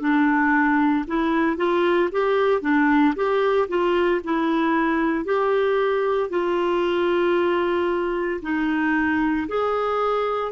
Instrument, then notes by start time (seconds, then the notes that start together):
clarinet
0.00 D4
1.07 E4
1.56 F4
2.11 G4
2.61 D4
3.15 G4
3.68 F4
4.24 E4
5.24 G4
6.29 F4
8.42 D#4
9.47 G#4